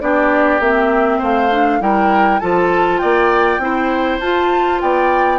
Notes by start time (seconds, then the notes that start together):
0.00 B3 D4 G4 D5
0.60 A#3 C4 E5
1.18 A3 C5 F5
1.51 D4
1.80 G3 E4 A#4 G5
2.39 F3 F4 A4 A5
2.98 A#3 D5 G5
3.58 C4 E4 C5
4.20 F4 A5
4.81 B3 D5 G5